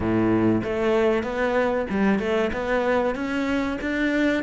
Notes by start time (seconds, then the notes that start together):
0.00 A2
0.63 A3
1.23 B3
1.89 G3
2.19 A3
2.53 B3
3.15 C#4
3.81 D4